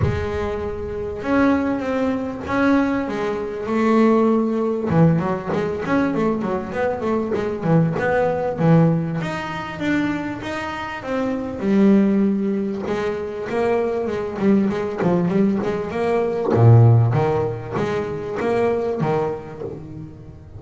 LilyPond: \new Staff \with { instrumentName = "double bass" } { \time 4/4 \tempo 4 = 98 gis2 cis'4 c'4 | cis'4 gis4 a2 | e8 fis8 gis8 cis'8 a8 fis8 b8 a8 | gis8 e8 b4 e4 dis'4 |
d'4 dis'4 c'4 g4~ | g4 gis4 ais4 gis8 g8 | gis8 f8 g8 gis8 ais4 ais,4 | dis4 gis4 ais4 dis4 | }